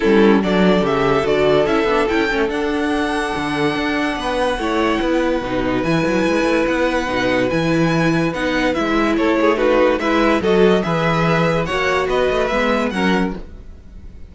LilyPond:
<<
  \new Staff \with { instrumentName = "violin" } { \time 4/4 \tempo 4 = 144 a'4 d''4 e''4 d''4 | e''4 g''4 fis''2~ | fis''1~ | fis''2 gis''2 |
fis''2 gis''2 | fis''4 e''4 cis''4 b'4 | e''4 dis''4 e''2 | fis''4 dis''4 e''4 fis''4 | }
  \new Staff \with { instrumentName = "violin" } { \time 4/4 e'4 a'2.~ | a'1~ | a'2 b'4 cis''4 | b'1~ |
b'1~ | b'2 a'8 gis'8 fis'4 | b'4 a'4 b'2 | cis''4 b'2 ais'4 | }
  \new Staff \with { instrumentName = "viola" } { \time 4/4 cis'4 d'4 g'4 fis'4 | e'8 d'8 e'8 cis'8 d'2~ | d'2. e'4~ | e'4 dis'4 e'2~ |
e'4 dis'4 e'2 | dis'4 e'2 dis'4 | e'4 fis'4 gis'2 | fis'2 b4 cis'4 | }
  \new Staff \with { instrumentName = "cello" } { \time 4/4 g4 fis4 cis4 d4 | cis'8 b8 cis'8 a8 d'2 | d4 d'4 b4 a4 | b4 b,4 e8 fis8 gis8 a8 |
b4 b,4 e2 | b4 gis4 a2 | gis4 fis4 e2 | ais4 b8 a8 gis4 fis4 | }
>>